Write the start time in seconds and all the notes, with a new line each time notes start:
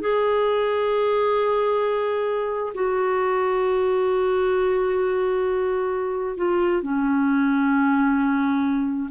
0.00 G#4
2.74 F#4
6.36 F4
6.82 C#4